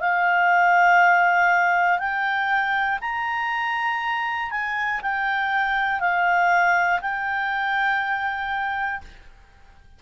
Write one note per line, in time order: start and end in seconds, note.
0.00 1.99 F5
1.99 2.99 G5
3.00 4.50 A#5
4.51 5.01 G#5
5.02 6.00 G5
6.00 7.00 F5
7.01 9.01 G5